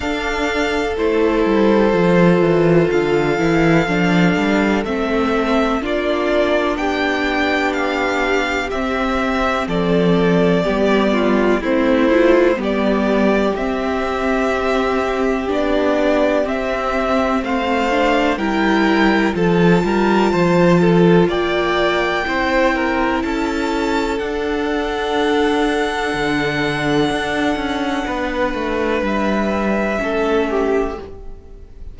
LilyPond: <<
  \new Staff \with { instrumentName = "violin" } { \time 4/4 \tempo 4 = 62 f''4 c''2 f''4~ | f''4 e''4 d''4 g''4 | f''4 e''4 d''2 | c''4 d''4 e''2 |
d''4 e''4 f''4 g''4 | a''2 g''2 | a''4 fis''2.~ | fis''2 e''2 | }
  \new Staff \with { instrumentName = "violin" } { \time 4/4 a'1~ | a'2 f'4 g'4~ | g'2 a'4 g'8 f'8 | e'4 g'2.~ |
g'2 c''4 ais'4 | a'8 ais'8 c''8 a'8 d''4 c''8 ais'8 | a'1~ | a'4 b'2 a'8 g'8 | }
  \new Staff \with { instrumentName = "viola" } { \time 4/4 d'4 e'4 f'4. e'8 | d'4 c'4 d'2~ | d'4 c'2 b4 | c'8 f'8 b4 c'2 |
d'4 c'4. d'8 e'4 | f'2. e'4~ | e'4 d'2.~ | d'2. cis'4 | }
  \new Staff \with { instrumentName = "cello" } { \time 4/4 d'4 a8 g8 f8 e8 d8 e8 | f8 g8 a4 ais4 b4~ | b4 c'4 f4 g4 | a4 g4 c'2 |
b4 c'4 a4 g4 | f8 g8 f4 ais4 c'4 | cis'4 d'2 d4 | d'8 cis'8 b8 a8 g4 a4 | }
>>